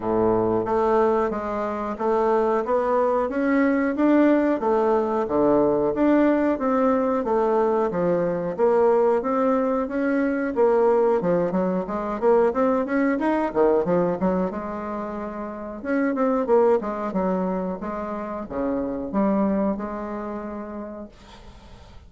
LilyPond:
\new Staff \with { instrumentName = "bassoon" } { \time 4/4 \tempo 4 = 91 a,4 a4 gis4 a4 | b4 cis'4 d'4 a4 | d4 d'4 c'4 a4 | f4 ais4 c'4 cis'4 |
ais4 f8 fis8 gis8 ais8 c'8 cis'8 | dis'8 dis8 f8 fis8 gis2 | cis'8 c'8 ais8 gis8 fis4 gis4 | cis4 g4 gis2 | }